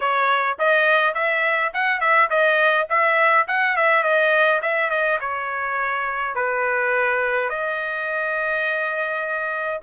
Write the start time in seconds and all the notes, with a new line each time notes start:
0.00 C#5
0.58 D#5
1.14 E5
1.73 F#5
2.00 E5
2.29 D#5
2.89 E5
3.47 F#5
3.76 E5
4.03 D#5
4.62 E5
4.90 D#5
5.20 C#5
6.35 B4
7.49 D#5